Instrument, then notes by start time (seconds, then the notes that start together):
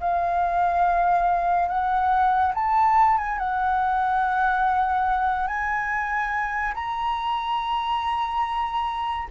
flute
0.00 F5
1.68 F#5
2.54 A5
3.18 G#5
3.38 F#5
5.47 G#5
6.74 A#5